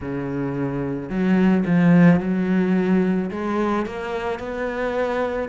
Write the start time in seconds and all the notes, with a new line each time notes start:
0.01 C#3
1.09 F#3
1.65 F3
2.20 F#3
3.30 G#3
3.86 A#3
4.39 B3